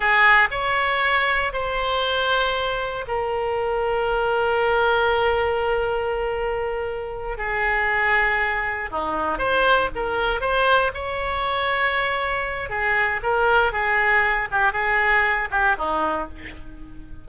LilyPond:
\new Staff \with { instrumentName = "oboe" } { \time 4/4 \tempo 4 = 118 gis'4 cis''2 c''4~ | c''2 ais'2~ | ais'1~ | ais'2~ ais'8 gis'4.~ |
gis'4. dis'4 c''4 ais'8~ | ais'8 c''4 cis''2~ cis''8~ | cis''4 gis'4 ais'4 gis'4~ | gis'8 g'8 gis'4. g'8 dis'4 | }